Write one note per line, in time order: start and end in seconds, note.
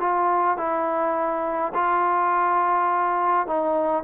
0.00 0.58 F4
0.58 1.73 E4
1.74 3.47 F4
3.47 4.04 D#4